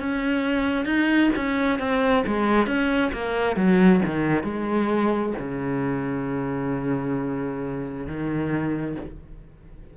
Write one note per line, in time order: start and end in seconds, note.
0.00 0.86 C#4
0.86 1.31 D#4
1.36 1.79 C#4
1.79 2.24 C4
2.27 2.67 G#3
2.67 3.12 C#4
3.13 3.57 A#3
3.57 4.01 F#3
4.06 4.44 D#3
4.44 5.34 G#3
5.39 8.07 C#3
8.07 8.97 D#3